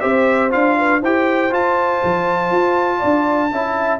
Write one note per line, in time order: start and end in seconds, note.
0.00 0.53 C4
0.00 0.50 G4
0.00 0.77 C5
0.00 0.50 E5
0.50 1.02 D4
0.50 1.00 F4
0.50 1.02 F5
0.78 1.00 B4
1.00 1.52 E4
1.00 1.50 G4
1.00 2.98 C5
1.00 1.53 G5
1.50 3.50 F4
1.50 2.02 F4
1.50 4.00 A5
2.03 2.51 F3
2.51 3.01 F4
2.98 3.52 D4
2.98 3.48 D5
3.52 4.00 C#4
3.52 4.00 E4
3.52 4.00 E5